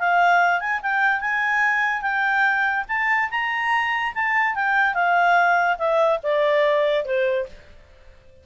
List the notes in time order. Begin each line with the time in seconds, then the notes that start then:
0.00 F5
0.61 G#5
0.83 G5
1.21 G#5
2.02 G5
2.89 A5
3.31 A#5
4.15 A5
4.56 G5
4.95 F5
5.79 E5
6.24 D5
7.05 C5